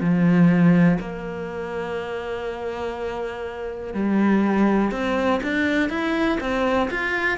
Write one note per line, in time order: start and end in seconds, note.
0.00 0.98 F3
1.00 3.94 A#3
3.94 4.91 G3
4.91 5.41 C4
5.43 5.89 D4
5.89 6.38 E4
6.40 6.89 C4
6.90 7.38 F4